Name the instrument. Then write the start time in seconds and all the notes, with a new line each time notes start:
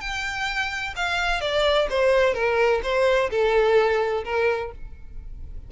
violin
0.00 G5
0.95 F5
1.40 D5
1.89 C5
2.34 A#4
2.83 C5
3.30 A4
4.24 A#4